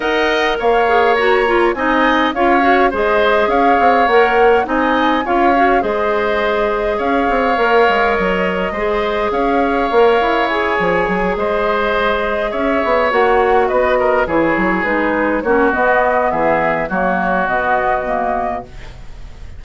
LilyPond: <<
  \new Staff \with { instrumentName = "flute" } { \time 4/4 \tempo 4 = 103 fis''4 f''4 ais''4 gis''4 | f''4 dis''4 f''4 fis''4 | gis''4 f''4 dis''2 | f''2 dis''2 |
f''2 gis''4. dis''8~ | dis''4. e''4 fis''4 dis''8~ | dis''8 cis''4 b'4 cis''8 dis''4 | e''4 cis''4 dis''2 | }
  \new Staff \with { instrumentName = "oboe" } { \time 4/4 dis''4 cis''2 dis''4 | cis''4 c''4 cis''2 | dis''4 cis''4 c''2 | cis''2. c''4 |
cis''2.~ cis''8 c''8~ | c''4. cis''2 b'8 | ais'8 gis'2 fis'4. | gis'4 fis'2. | }
  \new Staff \with { instrumentName = "clarinet" } { \time 4/4 ais'4. gis'8 fis'8 f'8 dis'4 | f'8 fis'8 gis'2 ais'4 | dis'4 f'8 fis'8 gis'2~ | gis'4 ais'2 gis'4~ |
gis'4 ais'4 gis'2~ | gis'2~ gis'8 fis'4.~ | fis'8 e'4 dis'4 cis'8 b4~ | b4 ais4 b4 ais4 | }
  \new Staff \with { instrumentName = "bassoon" } { \time 4/4 dis'4 ais2 c'4 | cis'4 gis4 cis'8 c'8 ais4 | c'4 cis'4 gis2 | cis'8 c'8 ais8 gis8 fis4 gis4 |
cis'4 ais8 e'4 f8 fis8 gis8~ | gis4. cis'8 b8 ais4 b8~ | b8 e8 fis8 gis4 ais8 b4 | e4 fis4 b,2 | }
>>